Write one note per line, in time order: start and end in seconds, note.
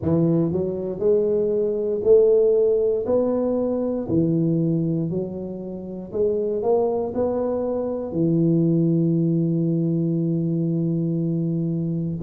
0.02 0.51 E3
0.51 0.99 F#3
0.99 2.01 G#3
2.03 3.05 A3
3.06 4.07 B3
4.08 5.10 E3
5.10 6.12 F#3
6.12 6.62 G#3
6.62 7.13 A#3
7.14 8.11 B3
8.11 12.18 E3